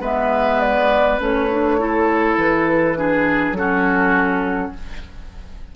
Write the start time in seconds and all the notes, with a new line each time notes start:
0.00 G#3 B3 B4 E5
0.61 D5
1.19 A3 C#4 C#5
1.51 D4
1.79 E4 A4
2.37 E3 B4
2.96 D4 G#4
3.51 F#3 C#4 A4
3.58 F#4